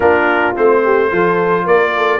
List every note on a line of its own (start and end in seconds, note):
0.00 0.54 A#3
0.00 0.55 D4
0.00 0.81 F4
0.00 0.55 A#4
0.55 1.11 A3
0.55 1.10 C4
0.55 1.67 C5
0.84 1.12 G4
1.10 1.66 F3
1.10 2.20 F4
1.10 1.65 A4
1.65 2.20 A#3
1.65 1.93 A#4
1.65 2.20 D5
1.96 2.20 A4